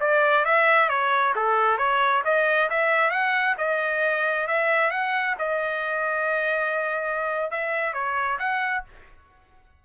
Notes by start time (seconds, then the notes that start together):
0.00 D5
0.45 E5
0.89 C#5
1.35 A4
1.78 C#5
2.24 D#5
2.70 E5
3.11 F#5
3.58 D#5
4.47 E5
4.91 F#5
5.38 D#5
7.51 E5
7.93 C#5
8.39 F#5